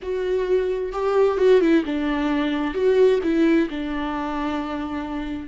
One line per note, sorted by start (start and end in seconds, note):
0.02 0.92 F#4
0.92 1.37 G4
1.37 1.60 F#4
1.61 1.83 E4
1.85 2.74 D4
2.74 3.19 F#4
3.23 3.68 E4
3.69 5.48 D4